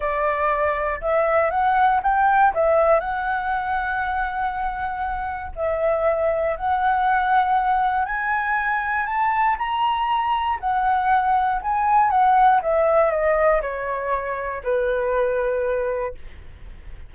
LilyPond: \new Staff \with { instrumentName = "flute" } { \time 4/4 \tempo 4 = 119 d''2 e''4 fis''4 | g''4 e''4 fis''2~ | fis''2. e''4~ | e''4 fis''2. |
gis''2 a''4 ais''4~ | ais''4 fis''2 gis''4 | fis''4 e''4 dis''4 cis''4~ | cis''4 b'2. | }